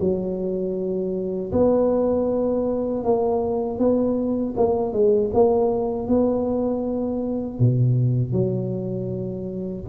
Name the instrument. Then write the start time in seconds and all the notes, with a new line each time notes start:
tuba
0.00 F#3
1.52 B3
3.04 A#3
3.79 B3
4.57 A#3
4.93 G#3
5.34 A#3
6.08 B3
7.59 B2
8.32 F#3